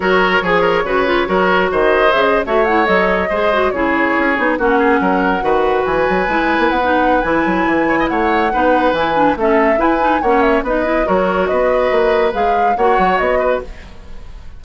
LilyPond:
<<
  \new Staff \with { instrumentName = "flute" } { \time 4/4 \tempo 4 = 141 cis''1 | dis''4 e''16 dis''8 e''8 fis''8 dis''4~ dis''16~ | dis''8. cis''2 fis''4~ fis''16~ | fis''4.~ fis''16 gis''2 fis''16~ |
fis''4 gis''2 fis''4~ | fis''4 gis''4 e''4 gis''4 | fis''8 e''8 dis''4 cis''4 dis''4~ | dis''4 f''4 fis''4 dis''4 | }
  \new Staff \with { instrumentName = "oboe" } { \time 4/4 ais'4 gis'8 ais'8 b'4 ais'4 | c''4.~ c''16 cis''2 c''16~ | c''8. gis'2 fis'8 gis'8 ais'16~ | ais'8. b'2.~ b'16~ |
b'2~ b'8 cis''16 dis''16 cis''4 | b'2 a'4 b'4 | cis''4 b'4 ais'4 b'4~ | b'2 cis''4. b'8 | }
  \new Staff \with { instrumentName = "clarinet" } { \time 4/4 fis'4 gis'4 fis'8 f'8 fis'4~ | fis'4 gis'8. fis'8 e'8 a'4 gis'16~ | gis'16 fis'8 e'4. dis'8 cis'4~ cis'16~ | cis'8. fis'2 e'4~ e'16 |
dis'4 e'2. | dis'4 e'8 d'8 cis'4 e'8 dis'8 | cis'4 dis'8 e'8 fis'2~ | fis'4 gis'4 fis'2 | }
  \new Staff \with { instrumentName = "bassoon" } { \time 4/4 fis4 f4 cis4 fis4 | dis4 cis8. a4 fis4 gis16~ | gis8. cis4 cis'8 b8 ais4 fis16~ | fis8. dis4 e8 fis8 gis8. ais16 b16~ |
b4 e8 fis8 e4 a4 | b4 e4 a4 e'4 | ais4 b4 fis4 b4 | ais4 gis4 ais8 fis8 b4 | }
>>